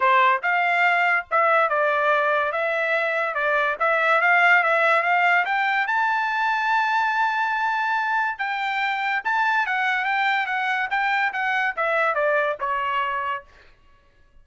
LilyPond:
\new Staff \with { instrumentName = "trumpet" } { \time 4/4 \tempo 4 = 143 c''4 f''2 e''4 | d''2 e''2 | d''4 e''4 f''4 e''4 | f''4 g''4 a''2~ |
a''1 | g''2 a''4 fis''4 | g''4 fis''4 g''4 fis''4 | e''4 d''4 cis''2 | }